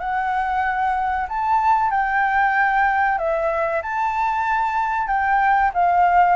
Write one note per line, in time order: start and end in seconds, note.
0.00 1.28 F#5
1.29 1.91 A5
1.91 3.18 G5
3.18 3.82 E5
3.82 5.08 A5
5.08 5.72 G5
5.74 6.36 F5